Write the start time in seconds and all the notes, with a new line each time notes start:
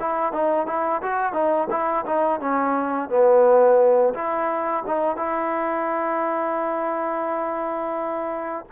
0.00 E4
0.32 D#4
0.67 E4
1.02 F#4
1.33 D#4
1.70 E4
2.05 D#4
2.40 C#4
3.09 B3
4.14 E4
4.86 D#4
5.16 E4